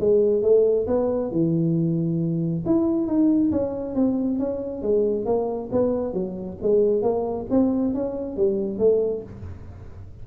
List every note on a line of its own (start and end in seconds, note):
0.00 0.43 G#3
0.43 0.87 A3
0.87 1.32 B3
1.32 2.64 E3
2.66 3.07 E4
3.07 3.51 D#4
3.52 3.95 C#4
3.95 4.39 C4
4.39 4.82 C#4
4.82 5.26 G#3
5.26 5.70 A#3
5.72 6.14 B3
6.14 6.58 F#3
6.62 7.02 G#3
7.02 7.47 A#3
7.51 7.95 C4
7.95 8.37 C#4
8.37 8.79 G3
8.79 9.23 A3